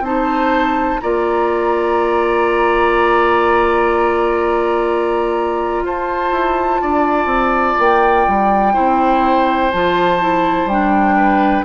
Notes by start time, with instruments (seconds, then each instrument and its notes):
0.00 bassoon C4, clarinet D#4, oboe C5, flute A5
1.00 bassoon A#3, clarinet F4, oboe D5, flute A#5
5.83 bassoon F4, oboe C5, flute A5
6.31 bassoon E4
6.81 bassoon D4, oboe D5
7.25 bassoon C4
7.78 bassoon A#3, flute G5
8.27 bassoon G3
8.73 bassoon C4, clarinet E4, oboe C5
9.71 bassoon F3, clarinet F4, flute A5
10.20 clarinet E4
10.65 bassoon G3, clarinet D4, flute G5
11.16 oboe B4